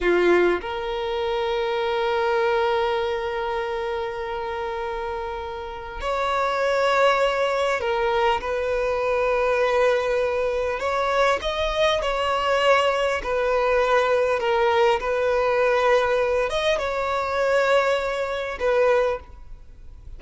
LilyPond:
\new Staff \with { instrumentName = "violin" } { \time 4/4 \tempo 4 = 100 f'4 ais'2.~ | ais'1~ | ais'2 cis''2~ | cis''4 ais'4 b'2~ |
b'2 cis''4 dis''4 | cis''2 b'2 | ais'4 b'2~ b'8 dis''8 | cis''2. b'4 | }